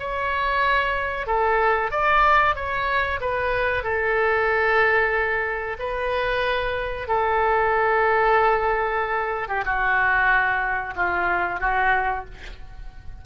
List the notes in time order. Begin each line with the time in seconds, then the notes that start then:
0.00 C#5
1.27 A4
1.91 D5
2.56 C#5
3.21 B4
3.84 A4
5.79 B4
7.08 A4
9.49 G4
9.65 F#4
10.96 F4
11.61 F#4